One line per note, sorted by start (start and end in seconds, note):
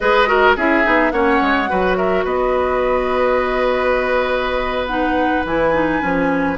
0.00 0.56 G#3
0.00 0.26 G#4
0.00 0.28 B4
0.00 0.54 D#5
0.26 0.54 F#4
0.26 0.56 A#4
0.56 0.84 C#4
0.56 0.83 E4
0.56 1.12 G#4
0.56 1.11 E5
0.83 1.12 B3
0.83 1.11 D#4
1.11 1.40 A#3
1.11 1.67 C#4
1.11 1.69 C#5
1.11 1.95 F#5
1.41 1.69 G#3
1.67 2.24 F#3
1.67 4.89 F#4
1.67 1.97 B4
1.96 2.24 A#4
1.96 2.24 E5
2.24 5.44 B3
2.24 6.57 B4
2.24 4.87 D#5
4.87 5.45 D#4
4.87 5.43 F#5
5.44 6.00 E3
5.44 5.73 E4
5.44 6.57 G#5
5.73 6.01 D#4
6.01 6.57 F3
6.01 6.57 C#4